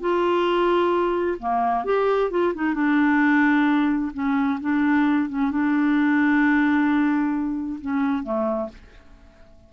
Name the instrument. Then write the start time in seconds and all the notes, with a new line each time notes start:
clarinet
0.00 F4
1.39 A#3
1.84 G4
2.30 F4
2.54 D#4
2.74 D4
4.13 C#4
4.61 D4
5.29 C#4
5.51 D4
7.81 C#4
8.23 A3